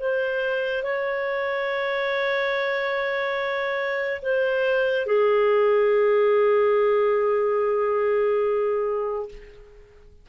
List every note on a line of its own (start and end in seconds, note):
0.00 0.83 C5
0.83 4.21 C#5
4.22 5.07 C5
5.07 9.29 G#4